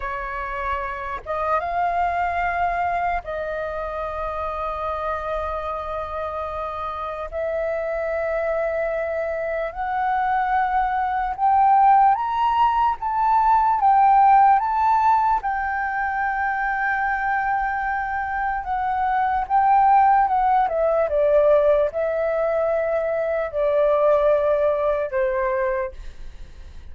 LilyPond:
\new Staff \with { instrumentName = "flute" } { \time 4/4 \tempo 4 = 74 cis''4. dis''8 f''2 | dis''1~ | dis''4 e''2. | fis''2 g''4 ais''4 |
a''4 g''4 a''4 g''4~ | g''2. fis''4 | g''4 fis''8 e''8 d''4 e''4~ | e''4 d''2 c''4 | }